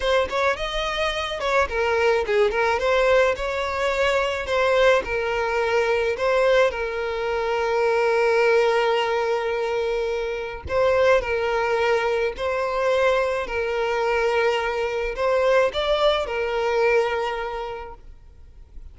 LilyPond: \new Staff \with { instrumentName = "violin" } { \time 4/4 \tempo 4 = 107 c''8 cis''8 dis''4. cis''8 ais'4 | gis'8 ais'8 c''4 cis''2 | c''4 ais'2 c''4 | ais'1~ |
ais'2. c''4 | ais'2 c''2 | ais'2. c''4 | d''4 ais'2. | }